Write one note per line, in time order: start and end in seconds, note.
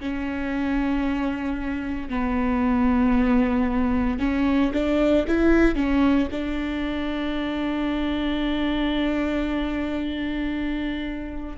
0.00 2.10 C#4
2.10 4.19 B3
4.19 4.72 C#4
4.73 5.26 D4
5.28 5.75 E4
5.75 6.28 C#4
6.31 11.57 D4